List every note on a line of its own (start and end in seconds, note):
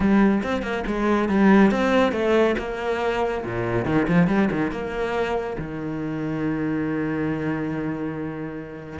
0.00 0.42 G3
0.43 0.62 C4
0.62 0.83 A#3
0.86 1.29 G#3
1.29 1.71 G3
1.71 2.12 C4
2.12 2.55 A3
2.58 3.44 A#3
3.44 3.85 A#2
3.85 4.06 D#3
4.08 4.27 F3
4.27 4.48 G3
4.51 4.71 D#3
4.71 5.56 A#3
5.58 8.99 D#3